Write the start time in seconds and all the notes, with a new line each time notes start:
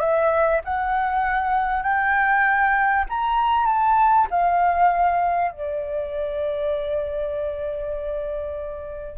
0.00 E5
0.65 F#5
1.83 G5
3.10 A#5
3.67 A5
4.31 F5
5.52 D5